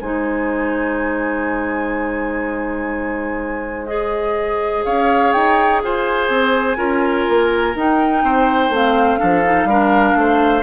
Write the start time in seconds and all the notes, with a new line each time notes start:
0.00 G#3 D#4 C5 G#5
3.86 G#4 D#5
4.84 C#4 C#5 F5
5.32 D#4 G5
5.83 F4 C5 G#5
6.28 C4
6.77 C#4 F4 A#4
7.28 A#3
7.75 D#4 G5
8.23 C4 C5
8.69 A3 C4 F5
9.18 F3 D4 A4
9.44 D#4
9.64 G3 D4 A#4
10.15 A3 C5